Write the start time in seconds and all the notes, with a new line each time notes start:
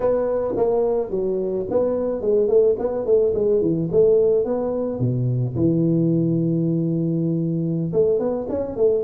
0.00 B3
0.56 A#3
1.10 F#3
1.70 B3
2.21 G#3
2.47 A3
2.78 B3
3.05 A3
3.34 G#3
3.61 E3
3.91 A3
4.44 B3
4.99 B2
5.55 E3
7.93 A3
8.19 B3
8.48 C#4
8.76 A3